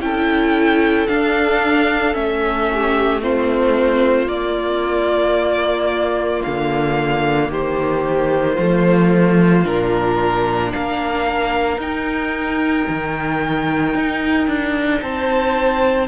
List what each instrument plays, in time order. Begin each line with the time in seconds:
0.00 cello C#4, viola E4, violin A4 G5
1.08 viola D4, cello D4, violin F5
2.13 cello A3, viola C#4, violin E5
2.73 violin G4
3.22 viola C4, violin F4 C5
4.27 cello A#3, viola A#3, violin D5
6.44 cello D3, violin F5
7.51 cello D#3, violin G4 C5
8.55 cello F3, viola A3, violin F4
9.65 cello A#2, viola D4, violin A#4
10.74 cello A#3, violin A#4 F5
11.78 cello D#4, viola D#4, violin G5
12.89 cello D#3
13.95 cello D#4
14.48 cello D4
15.02 cello C4, violin C5 A5